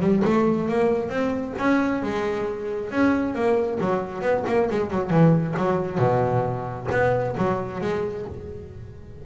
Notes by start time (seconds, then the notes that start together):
0.00 G3
0.24 A3
0.68 A#3
1.09 C4
1.58 C#4
2.02 G#3
2.91 C#4
3.35 A#3
3.80 F#3
4.21 B3
4.47 A#3
4.70 G#3
4.91 F#3
5.10 E3
5.57 F#3
5.98 B2
6.91 B3
7.37 F#3
7.81 G#3